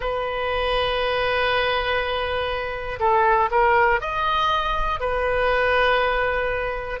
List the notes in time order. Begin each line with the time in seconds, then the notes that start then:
0.00 B4
3.00 A4
3.50 A#4
4.00 D#5
5.00 B4